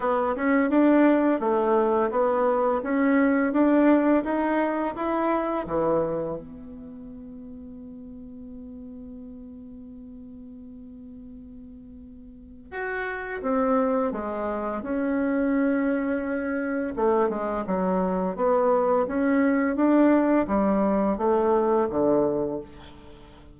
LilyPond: \new Staff \with { instrumentName = "bassoon" } { \time 4/4 \tempo 4 = 85 b8 cis'8 d'4 a4 b4 | cis'4 d'4 dis'4 e'4 | e4 b2.~ | b1~ |
b2 fis'4 c'4 | gis4 cis'2. | a8 gis8 fis4 b4 cis'4 | d'4 g4 a4 d4 | }